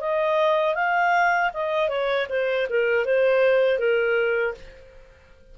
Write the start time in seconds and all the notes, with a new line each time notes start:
0.00 D#5
0.75 F5
1.53 D#5
1.88 C#5
2.29 C5
2.69 A#4
3.05 C5
3.78 A#4